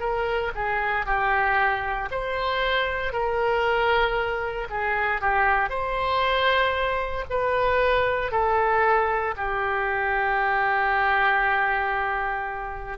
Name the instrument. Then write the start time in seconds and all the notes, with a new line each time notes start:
oboe
0.00 A#4
0.55 G#4
1.06 G4
2.11 C5
3.13 A#4
4.70 G#4
5.21 G4
5.69 C5
7.30 B4
8.31 A4
9.37 G4